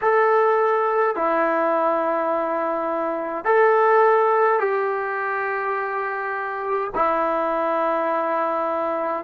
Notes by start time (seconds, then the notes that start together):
0.01 A4
1.15 E4
3.45 A4
4.59 G4
6.94 E4